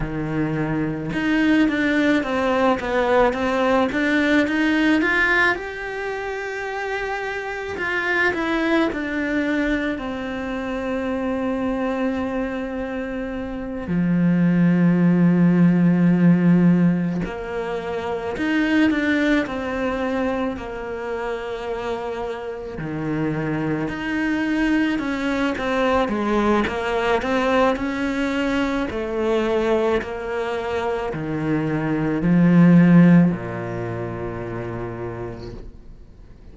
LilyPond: \new Staff \with { instrumentName = "cello" } { \time 4/4 \tempo 4 = 54 dis4 dis'8 d'8 c'8 b8 c'8 d'8 | dis'8 f'8 g'2 f'8 e'8 | d'4 c'2.~ | c'8 f2. ais8~ |
ais8 dis'8 d'8 c'4 ais4.~ | ais8 dis4 dis'4 cis'8 c'8 gis8 | ais8 c'8 cis'4 a4 ais4 | dis4 f4 ais,2 | }